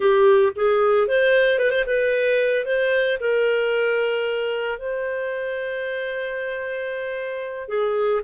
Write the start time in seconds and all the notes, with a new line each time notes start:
0.00 G4
0.55 G#4
1.07 C5
1.58 B4
1.71 C5
1.86 B4
2.65 C5
3.20 A#4
4.78 C5
7.68 G#4